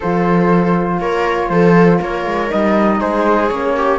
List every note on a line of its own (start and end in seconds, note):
0.00 0.99 F3
0.00 2.48 F4
0.00 0.99 A4
0.00 1.00 C5
0.99 1.49 A#3
0.99 1.51 A#4
0.99 1.48 C#5
1.48 1.99 F3
1.48 1.98 A4
1.48 1.98 C5
1.98 2.25 A#3
1.98 2.98 A#4
1.98 2.51 C#5
2.25 2.50 G#3
2.48 3.00 G3
2.48 3.48 D#4
2.48 3.00 D#5
3.00 3.50 G#3
3.00 3.75 G#4
3.00 3.49 C5
3.49 3.99 A#3
3.49 3.99 C#4
3.49 3.99 C#5
3.76 3.99 G4